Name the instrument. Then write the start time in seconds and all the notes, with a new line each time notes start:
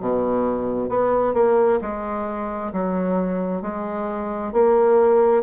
bassoon
0.00 B2
0.89 B3
1.34 A#3
1.81 G#3
2.73 F#3
3.62 G#3
4.53 A#3